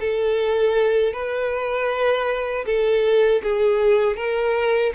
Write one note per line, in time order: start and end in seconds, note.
0.00 1.13 A4
1.13 2.64 B4
2.66 3.42 A4
3.42 4.16 G#4
4.16 4.92 A#4